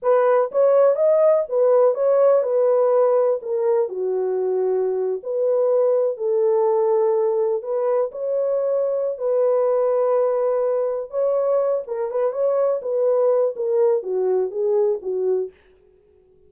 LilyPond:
\new Staff \with { instrumentName = "horn" } { \time 4/4 \tempo 4 = 124 b'4 cis''4 dis''4 b'4 | cis''4 b'2 ais'4 | fis'2~ fis'8. b'4~ b'16~ | b'8. a'2. b'16~ |
b'8. cis''2~ cis''16 b'4~ | b'2. cis''4~ | cis''8 ais'8 b'8 cis''4 b'4. | ais'4 fis'4 gis'4 fis'4 | }